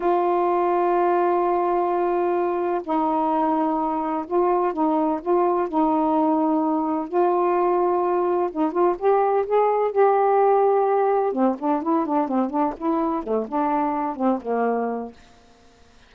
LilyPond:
\new Staff \with { instrumentName = "saxophone" } { \time 4/4 \tempo 4 = 127 f'1~ | f'2 dis'2~ | dis'4 f'4 dis'4 f'4 | dis'2. f'4~ |
f'2 dis'8 f'8 g'4 | gis'4 g'2. | c'8 d'8 e'8 d'8 c'8 d'8 e'4 | a8 d'4. c'8 ais4. | }